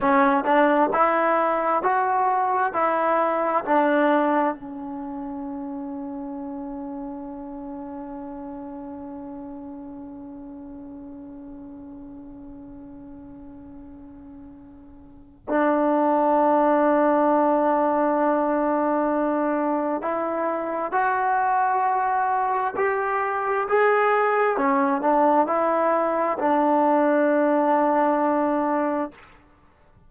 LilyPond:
\new Staff \with { instrumentName = "trombone" } { \time 4/4 \tempo 4 = 66 cis'8 d'8 e'4 fis'4 e'4 | d'4 cis'2.~ | cis'1~ | cis'1~ |
cis'4 d'2.~ | d'2 e'4 fis'4~ | fis'4 g'4 gis'4 cis'8 d'8 | e'4 d'2. | }